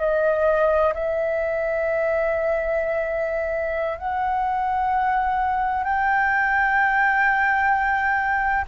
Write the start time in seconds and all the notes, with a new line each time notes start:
0.00 D#5
0.94 E5
3.98 F#5
5.84 G5